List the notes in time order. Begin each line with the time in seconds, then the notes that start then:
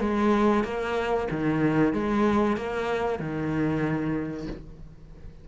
0.00 G#3
0.64 A#3
1.31 D#3
1.93 G#3
2.57 A#3
3.19 D#3